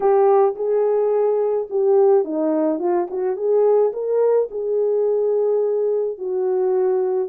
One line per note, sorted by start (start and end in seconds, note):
0.00 0.54 G4
0.55 1.67 G#4
1.70 2.24 G4
2.24 2.79 D#4
2.79 3.07 F4
3.10 3.36 F#4
3.36 3.92 G#4
3.93 4.49 A#4
4.50 6.17 G#4
6.17 7.28 F#4